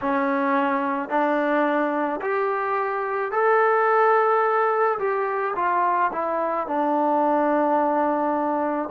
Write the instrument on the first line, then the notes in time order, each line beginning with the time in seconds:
trombone
0.01 C#4
1.09 D4
2.21 G4
3.31 A4
4.98 G4
5.55 F4
6.12 E4
6.67 D4